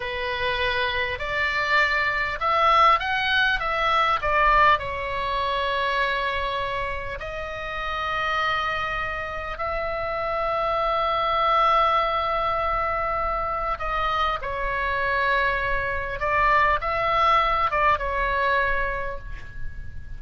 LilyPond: \new Staff \with { instrumentName = "oboe" } { \time 4/4 \tempo 4 = 100 b'2 d''2 | e''4 fis''4 e''4 d''4 | cis''1 | dis''1 |
e''1~ | e''2. dis''4 | cis''2. d''4 | e''4. d''8 cis''2 | }